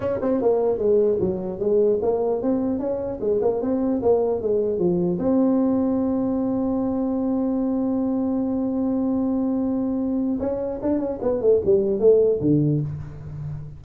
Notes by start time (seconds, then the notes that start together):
0.00 C#4
0.21 C4
0.41 A#3
0.78 G#3
1.20 F#3
1.59 G#3
2.02 A#3
2.41 C4
2.79 C#4
3.20 G#3
3.41 A#3
3.61 C4
4.01 A#3
4.41 G#3
4.78 F3
5.18 C4
10.39 C#4
10.81 D4
10.99 C#4
11.22 B3
11.41 A3
11.64 G3
11.99 A3
12.40 D3